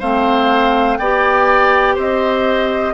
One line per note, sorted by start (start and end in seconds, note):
0.00 0.99 A3
0.00 1.00 C4
0.00 0.98 C5
0.00 0.98 F5
0.98 1.97 B3
0.98 2.94 G4
0.98 1.95 D5
0.98 1.96 G5
1.95 2.94 C4
1.95 2.94 C5
1.95 2.94 D#5